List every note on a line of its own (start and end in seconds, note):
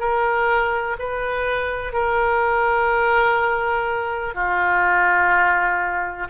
0.00 0.97 A#4
0.99 1.94 B4
1.94 4.35 A#4
4.35 6.28 F4